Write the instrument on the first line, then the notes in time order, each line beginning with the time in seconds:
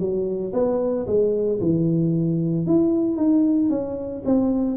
tuba
0.00 F#3
0.54 B3
1.07 G#3
1.61 E3
2.67 E4
3.17 D#4
3.70 C#4
4.26 C4